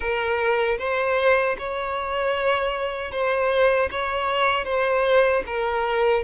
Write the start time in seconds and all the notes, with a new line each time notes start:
0.00 A#4
0.78 C5
1.58 C#5
3.11 C5
3.91 C#5
4.64 C5
5.46 A#4